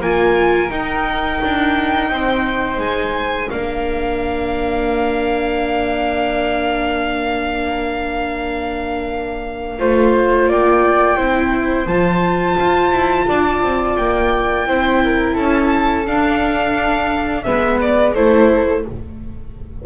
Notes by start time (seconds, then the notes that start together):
0.00 A#3 F4 A#4 G#5
0.70 D#4 G5
1.43 D4
2.10 C4 C5
2.78 G#3 G#5
3.50 A#3 D4 A#4 F5
9.78 A3 F4 C5
10.47 A#3 D5 G5
11.17 C4 E4 C5
11.86 F3 F4 A5
12.59 F4
12.91 E4
13.28 D4 D5
13.62 C4
13.97 A#3 G5
14.67 C4 E4 C5
15.04 A#4
15.34 C#4 A4 A5
16.07 D4 F5
17.43 G#3 B3 B4 E5
17.81 D5
18.14 A3 E4 A4 C5